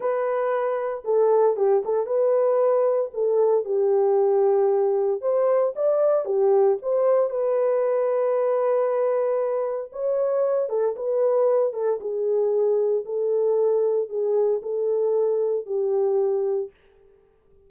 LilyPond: \new Staff \with { instrumentName = "horn" } { \time 4/4 \tempo 4 = 115 b'2 a'4 g'8 a'8 | b'2 a'4 g'4~ | g'2 c''4 d''4 | g'4 c''4 b'2~ |
b'2. cis''4~ | cis''8 a'8 b'4. a'8 gis'4~ | gis'4 a'2 gis'4 | a'2 g'2 | }